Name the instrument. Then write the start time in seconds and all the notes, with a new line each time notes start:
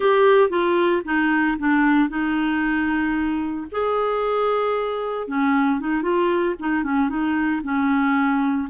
clarinet
0.00 G4
0.49 F4
1.04 D#4
1.58 D4
2.09 D#4
3.71 G#4
5.27 C#4
5.80 D#4
6.02 F4
6.59 D#4
6.83 C#4
7.09 D#4
7.63 C#4